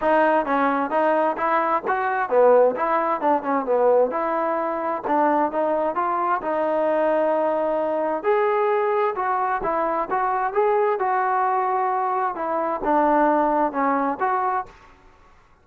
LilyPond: \new Staff \with { instrumentName = "trombone" } { \time 4/4 \tempo 4 = 131 dis'4 cis'4 dis'4 e'4 | fis'4 b4 e'4 d'8 cis'8 | b4 e'2 d'4 | dis'4 f'4 dis'2~ |
dis'2 gis'2 | fis'4 e'4 fis'4 gis'4 | fis'2. e'4 | d'2 cis'4 fis'4 | }